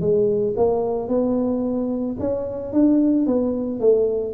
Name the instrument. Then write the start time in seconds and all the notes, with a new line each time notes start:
tuba
0.00 G#3
0.56 A#3
1.08 B3
2.19 C#4
2.72 D4
3.26 B3
3.80 A3